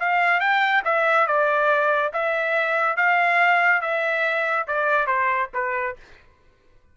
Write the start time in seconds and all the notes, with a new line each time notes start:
0.00 F5
0.40 G5
0.85 E5
1.27 D5
2.13 E5
2.97 F5
3.81 E5
4.67 D5
5.07 C5
5.54 B4